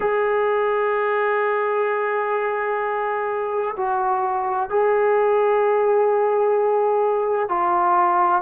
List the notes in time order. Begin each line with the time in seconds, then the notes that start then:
0.00 G#4
3.77 F#4
4.69 G#4
7.48 F4